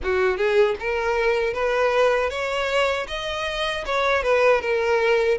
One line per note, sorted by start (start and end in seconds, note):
0.03 0.37 F#4
0.37 0.75 G#4
0.79 1.53 A#4
1.53 2.30 B4
2.30 3.07 C#5
3.07 3.84 D#5
3.85 4.23 C#5
4.23 4.61 B4
4.61 5.38 A#4